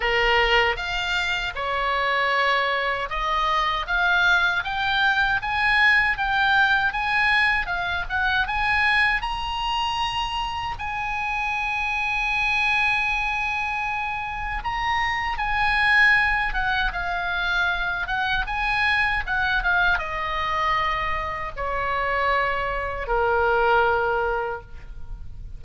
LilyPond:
\new Staff \with { instrumentName = "oboe" } { \time 4/4 \tempo 4 = 78 ais'4 f''4 cis''2 | dis''4 f''4 g''4 gis''4 | g''4 gis''4 f''8 fis''8 gis''4 | ais''2 gis''2~ |
gis''2. ais''4 | gis''4. fis''8 f''4. fis''8 | gis''4 fis''8 f''8 dis''2 | cis''2 ais'2 | }